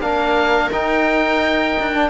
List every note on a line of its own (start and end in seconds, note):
0.00 0.70 A#3
0.00 0.71 D4
0.00 2.10 A#4
0.00 0.71 F5
0.72 1.77 D#4
0.72 1.94 D#4
0.72 2.10 G5
1.79 2.10 D4
1.94 2.10 D4